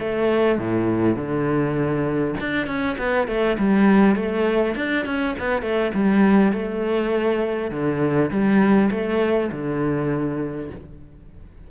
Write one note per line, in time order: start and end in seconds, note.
0.00 0.59 A3
0.59 1.17 A2
1.17 2.35 D3
2.40 2.67 D4
2.67 2.97 C#4
2.99 3.28 B3
3.28 3.58 A3
3.59 4.16 G3
4.16 4.75 A3
4.76 5.06 D4
5.06 5.35 C#4
5.39 5.62 B3
5.62 5.92 A3
5.95 6.53 G3
6.53 7.71 A3
7.71 8.31 D3
8.31 8.91 G3
8.91 9.51 A3
9.52 10.71 D3